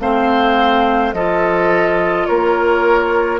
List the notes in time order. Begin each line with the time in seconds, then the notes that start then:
0.00 A3 C4 C5 F5
1.13 F3 F4 A4 D#5
2.26 A#3 A#4 C#5